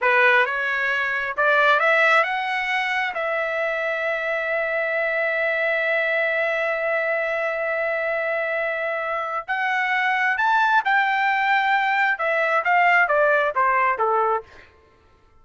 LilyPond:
\new Staff \with { instrumentName = "trumpet" } { \time 4/4 \tempo 4 = 133 b'4 cis''2 d''4 | e''4 fis''2 e''4~ | e''1~ | e''1~ |
e''1~ | e''4 fis''2 a''4 | g''2. e''4 | f''4 d''4 c''4 a'4 | }